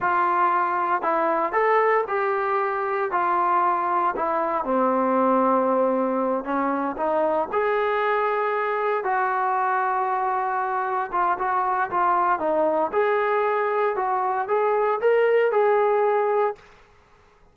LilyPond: \new Staff \with { instrumentName = "trombone" } { \time 4/4 \tempo 4 = 116 f'2 e'4 a'4 | g'2 f'2 | e'4 c'2.~ | c'8 cis'4 dis'4 gis'4.~ |
gis'4. fis'2~ fis'8~ | fis'4. f'8 fis'4 f'4 | dis'4 gis'2 fis'4 | gis'4 ais'4 gis'2 | }